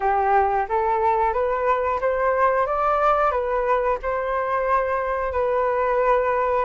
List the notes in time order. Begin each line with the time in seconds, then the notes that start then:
0.00 G4
0.68 A4
1.33 B4
2.00 C5
2.66 D5
3.31 B4
4.02 C5
5.32 B4